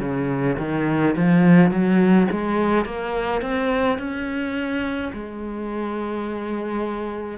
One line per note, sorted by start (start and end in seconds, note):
0.00 0.57 C#3
0.59 1.15 D#3
1.16 1.71 F3
1.71 2.27 F#3
2.31 2.85 G#3
2.85 3.42 A#3
3.42 3.98 C4
3.98 5.11 C#4
5.13 7.38 G#3